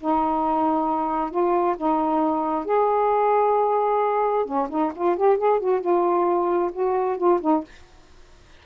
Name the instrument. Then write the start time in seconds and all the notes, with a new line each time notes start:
saxophone
0.00 D#4
1.31 F4
1.77 D#4
2.65 G#4
4.45 C#4
4.70 D#4
4.95 F4
5.17 G4
5.37 G#4
5.60 F#4
5.81 F4
6.73 F#4
7.17 F4
7.41 D#4